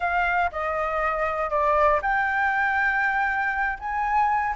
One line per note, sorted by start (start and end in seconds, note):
0.00 0.50 F5
0.51 1.49 D#5
1.49 2.00 D5
2.02 3.78 G5
3.79 4.54 G#5